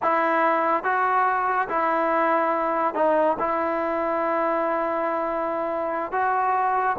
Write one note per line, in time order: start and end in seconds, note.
0.02 0.83 E4
0.83 1.68 F#4
1.69 2.94 E4
2.94 3.36 D#4
3.39 6.12 E4
6.12 6.96 F#4